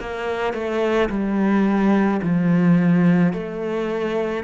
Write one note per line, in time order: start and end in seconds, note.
0.00 0.54 A#3
0.54 1.09 A3
1.10 2.21 G3
2.23 3.33 F3
3.33 4.44 A3